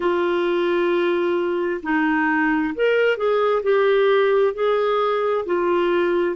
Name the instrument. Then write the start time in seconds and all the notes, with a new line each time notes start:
clarinet
0.00 F4
1.83 D#4
2.74 A#4
3.17 G#4
3.62 G4
4.54 G#4
5.45 F4